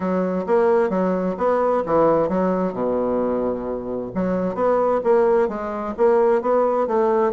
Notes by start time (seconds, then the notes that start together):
0.00 F#3
0.46 A#3
0.89 F#3
1.37 B3
1.85 E3
2.28 F#3
2.73 B2
4.14 F#3
4.54 B3
5.03 A#3
5.48 G#3
5.97 A#3
6.41 B3
6.87 A3